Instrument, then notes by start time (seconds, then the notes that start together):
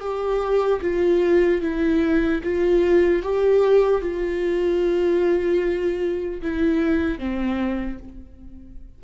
viola
0.00 G4
0.81 F4
1.61 E4
2.43 F4
3.22 G4
4.01 F4
6.41 E4
7.18 C4